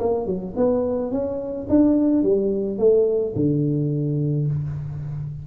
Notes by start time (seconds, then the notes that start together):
0.00 A#3
0.27 F#3
0.57 B3
1.12 C#4
1.70 D4
2.23 G3
2.79 A3
3.36 D3